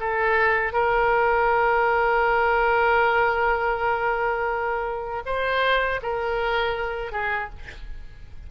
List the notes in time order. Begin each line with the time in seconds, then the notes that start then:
0.00 A4
0.73 A#4
5.25 C5
6.02 A#4
7.12 G#4